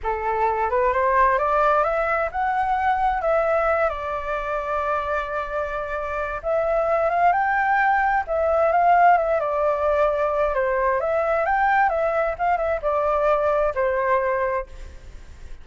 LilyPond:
\new Staff \with { instrumentName = "flute" } { \time 4/4 \tempo 4 = 131 a'4. b'8 c''4 d''4 | e''4 fis''2 e''4~ | e''8 d''2.~ d''8~ | d''2 e''4. f''8 |
g''2 e''4 f''4 | e''8 d''2~ d''8 c''4 | e''4 g''4 e''4 f''8 e''8 | d''2 c''2 | }